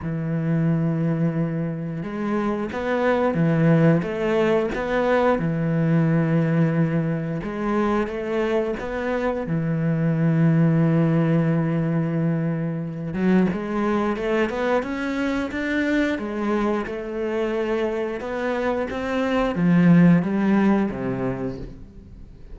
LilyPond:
\new Staff \with { instrumentName = "cello" } { \time 4/4 \tempo 4 = 89 e2. gis4 | b4 e4 a4 b4 | e2. gis4 | a4 b4 e2~ |
e2.~ e8 fis8 | gis4 a8 b8 cis'4 d'4 | gis4 a2 b4 | c'4 f4 g4 c4 | }